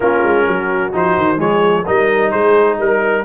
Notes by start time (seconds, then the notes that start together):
0.00 A#3 C#4 F4 A#4
0.23 G#3
0.46 F#3 F#4
0.92 F3 D#4 C5
1.17 D#3
1.36 F3 G#3 G#4 C#5
1.85 G3 D#4 A#4 D#5
2.31 G#3 G#4 C5
2.79 G3 A#4